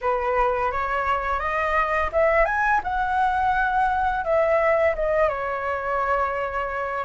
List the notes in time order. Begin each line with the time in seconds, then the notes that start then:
0.01 B4
0.71 C#5
1.39 D#5
2.12 E5
2.45 G#5
2.83 F#5
4.24 E5
4.95 D#5
5.28 C#5